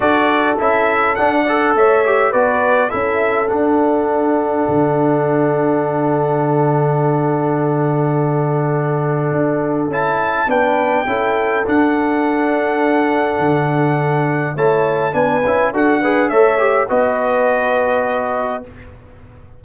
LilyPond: <<
  \new Staff \with { instrumentName = "trumpet" } { \time 4/4 \tempo 4 = 103 d''4 e''4 fis''4 e''4 | d''4 e''4 fis''2~ | fis''1~ | fis''1~ |
fis''4 a''4 g''2 | fis''1~ | fis''4 a''4 gis''4 fis''4 | e''4 dis''2. | }
  \new Staff \with { instrumentName = "horn" } { \time 4/4 a'2~ a'8 d''8 cis''4 | b'4 a'2.~ | a'1~ | a'1~ |
a'2 b'4 a'4~ | a'1~ | a'4 cis''4 b'4 a'8 b'8 | cis''4 b'2. | }
  \new Staff \with { instrumentName = "trombone" } { \time 4/4 fis'4 e'4 d'8 a'4 g'8 | fis'4 e'4 d'2~ | d'1~ | d'1~ |
d'4 e'4 d'4 e'4 | d'1~ | d'4 e'4 d'8 e'8 fis'8 gis'8 | a'8 g'8 fis'2. | }
  \new Staff \with { instrumentName = "tuba" } { \time 4/4 d'4 cis'4 d'4 a4 | b4 cis'4 d'2 | d1~ | d1 |
d'4 cis'4 b4 cis'4 | d'2. d4~ | d4 a4 b8 cis'8 d'4 | a4 b2. | }
>>